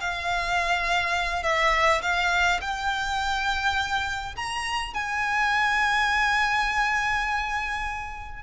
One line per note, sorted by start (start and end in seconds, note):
0.00 1.43 F5
1.43 2.01 E5
2.02 2.60 F5
2.61 4.35 G5
4.35 4.93 A#5
4.93 8.42 G#5